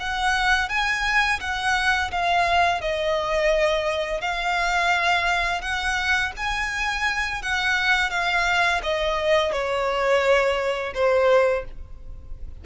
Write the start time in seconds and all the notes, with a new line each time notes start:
0.00 F#5
0.69 G#5
1.41 F#5
2.11 F5
2.81 D#5
4.21 F5
5.61 F#5
6.37 G#5
7.42 F#5
8.10 F5
8.83 D#5
9.52 C#5
10.94 C5